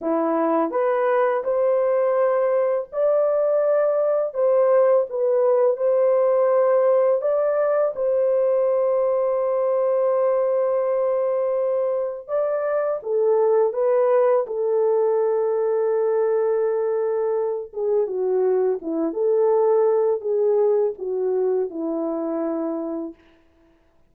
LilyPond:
\new Staff \with { instrumentName = "horn" } { \time 4/4 \tempo 4 = 83 e'4 b'4 c''2 | d''2 c''4 b'4 | c''2 d''4 c''4~ | c''1~ |
c''4 d''4 a'4 b'4 | a'1~ | a'8 gis'8 fis'4 e'8 a'4. | gis'4 fis'4 e'2 | }